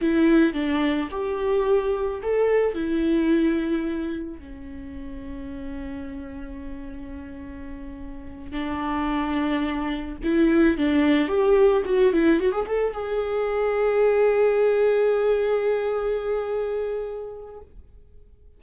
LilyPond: \new Staff \with { instrumentName = "viola" } { \time 4/4 \tempo 4 = 109 e'4 d'4 g'2 | a'4 e'2. | cis'1~ | cis'2.~ cis'8 d'8~ |
d'2~ d'8 e'4 d'8~ | d'8 g'4 fis'8 e'8 fis'16 gis'16 a'8 gis'8~ | gis'1~ | gis'1 | }